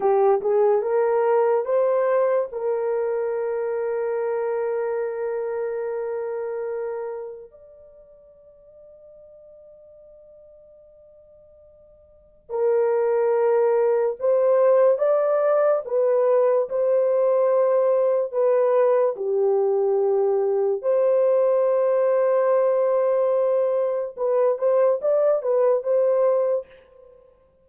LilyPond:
\new Staff \with { instrumentName = "horn" } { \time 4/4 \tempo 4 = 72 g'8 gis'8 ais'4 c''4 ais'4~ | ais'1~ | ais'4 d''2.~ | d''2. ais'4~ |
ais'4 c''4 d''4 b'4 | c''2 b'4 g'4~ | g'4 c''2.~ | c''4 b'8 c''8 d''8 b'8 c''4 | }